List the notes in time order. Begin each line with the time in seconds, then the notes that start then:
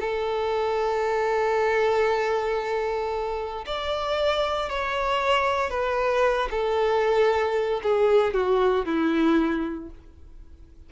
0.00 A4
3.66 D5
4.70 C#5
5.70 B4
6.51 A4
7.83 G#4
8.34 F#4
8.86 E4